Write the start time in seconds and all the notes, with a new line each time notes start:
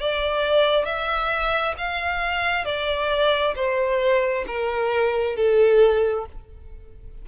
0.00 D5
0.85 E5
1.77 F5
2.65 D5
3.55 C5
4.47 A#4
5.36 A4